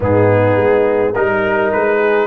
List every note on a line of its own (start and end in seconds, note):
0.00 0.56 G#2
0.00 1.14 B3
0.00 1.11 D#4
0.00 1.14 G#4
0.56 1.13 G#3
1.11 1.73 G3
1.11 2.27 D#4
1.11 1.97 A#4
1.11 1.71 A#4
1.72 2.27 G#3
1.72 2.27 B4
1.98 2.26 G#4